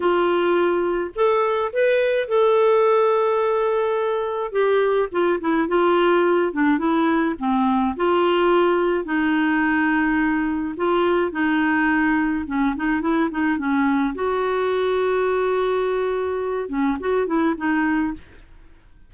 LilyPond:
\new Staff \with { instrumentName = "clarinet" } { \time 4/4 \tempo 4 = 106 f'2 a'4 b'4 | a'1 | g'4 f'8 e'8 f'4. d'8 | e'4 c'4 f'2 |
dis'2. f'4 | dis'2 cis'8 dis'8 e'8 dis'8 | cis'4 fis'2.~ | fis'4. cis'8 fis'8 e'8 dis'4 | }